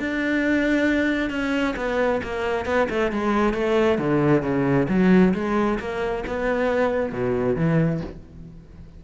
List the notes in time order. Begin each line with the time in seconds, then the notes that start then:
0.00 D4
1.30 C#4
1.77 B3
2.24 A#3
2.66 B3
2.90 A3
3.12 G#3
3.54 A3
3.99 D3
4.43 C#3
4.89 F#3
5.34 G#3
5.80 A#3
6.27 B3
7.13 B2
7.57 E3